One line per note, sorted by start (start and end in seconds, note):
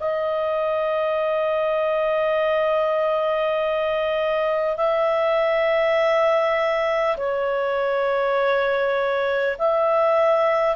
0.00 4.77 D#5
4.77 7.17 E5
7.17 9.57 C#5
9.58 10.76 E5